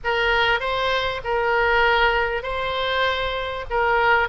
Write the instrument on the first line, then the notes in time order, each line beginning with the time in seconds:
oboe
0.04 A#4
0.60 C5
1.24 A#4
2.42 C5
3.70 A#4